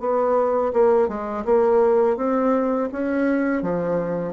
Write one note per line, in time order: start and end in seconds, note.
0.00 0.72 B3
0.73 1.08 A#3
1.08 1.44 G#3
1.45 2.17 A#3
2.17 2.89 C4
2.92 3.62 C#4
3.62 4.33 F3